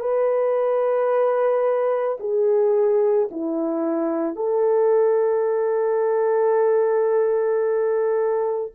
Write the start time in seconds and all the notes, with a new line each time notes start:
0.00 B4
2.20 G#4
3.31 E4
4.36 A4